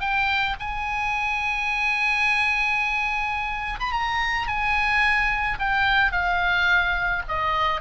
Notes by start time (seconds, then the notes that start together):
0.00 G5
0.60 G#5
3.80 B5
3.92 A#5
4.47 G#5
5.59 G5
6.11 F5
7.28 D#5